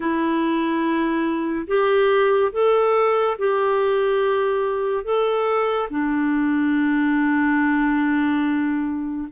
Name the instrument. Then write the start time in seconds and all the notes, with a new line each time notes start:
clarinet
0.00 E4
1.67 G4
2.52 A4
3.38 G4
5.04 A4
5.90 D4